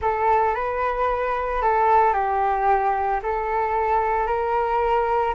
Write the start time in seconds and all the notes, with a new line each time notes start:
0.01 A4
0.55 B4
1.62 A4
2.13 G4
3.22 A4
4.27 A#4